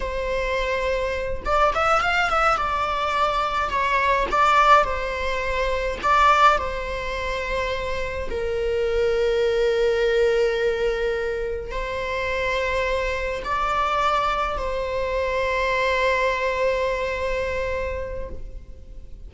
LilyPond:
\new Staff \with { instrumentName = "viola" } { \time 4/4 \tempo 4 = 105 c''2~ c''8 d''8 e''8 f''8 | e''8 d''2 cis''4 d''8~ | d''8 c''2 d''4 c''8~ | c''2~ c''8 ais'4.~ |
ais'1~ | ais'8 c''2. d''8~ | d''4. c''2~ c''8~ | c''1 | }